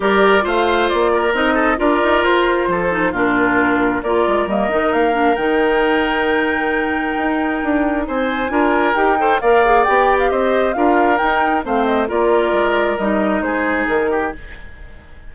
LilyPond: <<
  \new Staff \with { instrumentName = "flute" } { \time 4/4 \tempo 4 = 134 d''4 f''4 d''4 dis''4 | d''4 c''2 ais'4~ | ais'4 d''4 dis''4 f''4 | g''1~ |
g''2 gis''2 | g''4 f''4 g''8. f''16 dis''4 | f''4 g''4 f''8 dis''8 d''4~ | d''4 dis''4 c''4 ais'4 | }
  \new Staff \with { instrumentName = "oboe" } { \time 4/4 ais'4 c''4. ais'4 a'8 | ais'2 a'4 f'4~ | f'4 ais'2.~ | ais'1~ |
ais'2 c''4 ais'4~ | ais'8 c''8 d''2 c''4 | ais'2 c''4 ais'4~ | ais'2 gis'4. g'8 | }
  \new Staff \with { instrumentName = "clarinet" } { \time 4/4 g'4 f'2 dis'4 | f'2~ f'8 dis'8 d'4~ | d'4 f'4 ais8 dis'4 d'8 | dis'1~ |
dis'2. f'4 | g'8 a'8 ais'8 gis'8 g'2 | f'4 dis'4 c'4 f'4~ | f'4 dis'2. | }
  \new Staff \with { instrumentName = "bassoon" } { \time 4/4 g4 a4 ais4 c'4 | d'8 dis'8 f'4 f4 ais,4~ | ais,4 ais8 gis8 g8 dis8 ais4 | dis1 |
dis'4 d'4 c'4 d'4 | dis'4 ais4 b4 c'4 | d'4 dis'4 a4 ais4 | gis4 g4 gis4 dis4 | }
>>